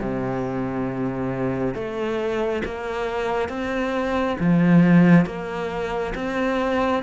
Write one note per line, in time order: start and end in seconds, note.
0.00 1.74 C3
1.74 2.63 A3
2.65 3.49 A#3
3.49 4.37 C4
4.40 5.25 F3
5.25 6.14 A#3
6.15 7.03 C4